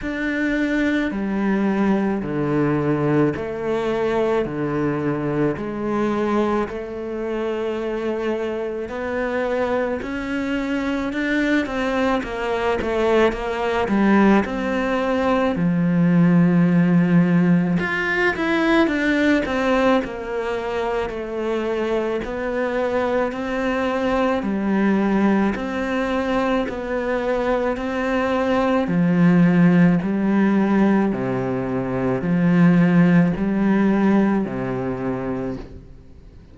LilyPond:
\new Staff \with { instrumentName = "cello" } { \time 4/4 \tempo 4 = 54 d'4 g4 d4 a4 | d4 gis4 a2 | b4 cis'4 d'8 c'8 ais8 a8 | ais8 g8 c'4 f2 |
f'8 e'8 d'8 c'8 ais4 a4 | b4 c'4 g4 c'4 | b4 c'4 f4 g4 | c4 f4 g4 c4 | }